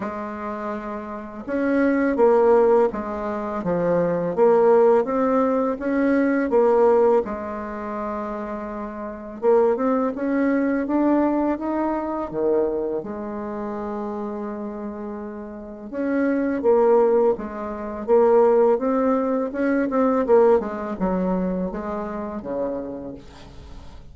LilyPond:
\new Staff \with { instrumentName = "bassoon" } { \time 4/4 \tempo 4 = 83 gis2 cis'4 ais4 | gis4 f4 ais4 c'4 | cis'4 ais4 gis2~ | gis4 ais8 c'8 cis'4 d'4 |
dis'4 dis4 gis2~ | gis2 cis'4 ais4 | gis4 ais4 c'4 cis'8 c'8 | ais8 gis8 fis4 gis4 cis4 | }